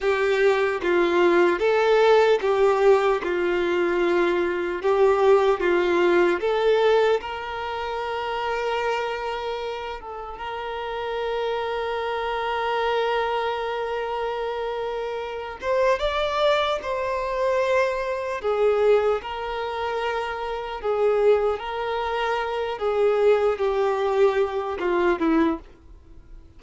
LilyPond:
\new Staff \with { instrumentName = "violin" } { \time 4/4 \tempo 4 = 75 g'4 f'4 a'4 g'4 | f'2 g'4 f'4 | a'4 ais'2.~ | ais'8 a'8 ais'2.~ |
ais'2.~ ais'8 c''8 | d''4 c''2 gis'4 | ais'2 gis'4 ais'4~ | ais'8 gis'4 g'4. f'8 e'8 | }